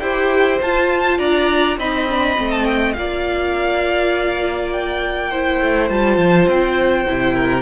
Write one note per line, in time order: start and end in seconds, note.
0.00 0.60 E4
0.00 0.60 G4
0.00 1.18 C5
0.00 0.59 G5
0.62 1.19 F4
0.62 1.79 F4
0.62 1.19 A5
1.18 1.77 D4
1.18 1.77 D5
1.18 1.78 A#5
1.77 2.36 C4
1.77 2.08 D#4
1.77 2.97 D#5
1.77 2.52 B5
2.10 2.37 D4
2.37 2.97 A3
2.37 2.96 C4
2.52 2.65 A5
2.65 2.94 G5
2.94 5.61 A#3
2.94 5.32 F4
2.94 5.31 D5
2.94 4.70 F5
4.72 5.90 G5
5.31 5.90 E4
5.31 7.35 C5
5.61 5.90 A3
5.90 6.17 G3
5.90 7.07 F4
5.90 6.49 A5
6.17 6.47 F3
6.47 7.06 C4
6.47 7.62 G5
7.07 7.62 C3
7.07 7.62 E4
7.35 7.62 A#4